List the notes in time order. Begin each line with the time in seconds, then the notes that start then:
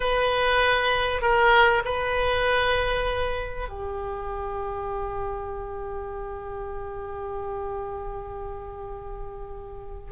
0.00 B4
1.21 A#4
1.85 B4
3.68 G4